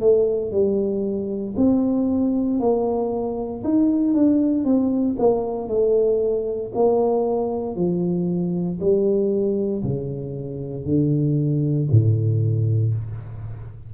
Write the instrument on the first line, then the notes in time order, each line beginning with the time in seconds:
tuba
0.00 A3
0.52 G3
1.57 C4
2.60 A#3
3.64 D#4
4.14 D4
4.65 C4
5.19 A#3
5.68 A3
6.75 A#3
7.76 F3
8.80 G3
9.84 C#3
10.85 D3
11.91 A2